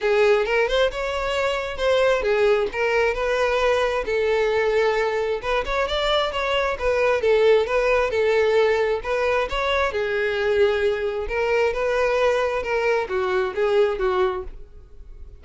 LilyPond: \new Staff \with { instrumentName = "violin" } { \time 4/4 \tempo 4 = 133 gis'4 ais'8 c''8 cis''2 | c''4 gis'4 ais'4 b'4~ | b'4 a'2. | b'8 cis''8 d''4 cis''4 b'4 |
a'4 b'4 a'2 | b'4 cis''4 gis'2~ | gis'4 ais'4 b'2 | ais'4 fis'4 gis'4 fis'4 | }